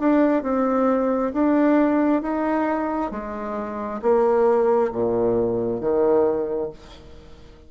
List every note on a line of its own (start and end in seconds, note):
0.00 0.43 D4
0.43 1.33 C4
1.34 2.22 D4
2.22 3.12 D#4
3.12 4.01 G#3
4.03 4.92 A#3
4.93 5.81 A#2
5.81 6.70 D#3